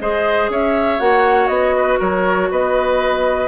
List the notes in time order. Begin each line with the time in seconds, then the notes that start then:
0.00 G#3 G#4 C5 D#5
0.50 C#4 C#5 E5
1.00 A#3 F#4 F#5
1.48 B3 D#5
1.77 B4
1.99 F#3 A#4 C#5
2.51 B3 B4 D#5